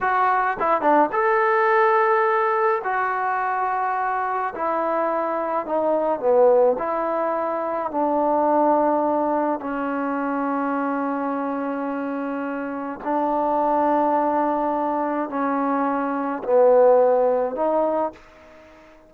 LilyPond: \new Staff \with { instrumentName = "trombone" } { \time 4/4 \tempo 4 = 106 fis'4 e'8 d'8 a'2~ | a'4 fis'2. | e'2 dis'4 b4 | e'2 d'2~ |
d'4 cis'2.~ | cis'2. d'4~ | d'2. cis'4~ | cis'4 b2 dis'4 | }